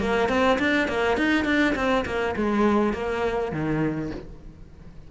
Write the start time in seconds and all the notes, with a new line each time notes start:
0.00 A#3
0.29 C4
0.59 D4
0.88 A#3
1.17 D#4
1.45 D4
1.75 C4
2.06 A#3
2.36 G#3
2.93 A#3
3.52 D#3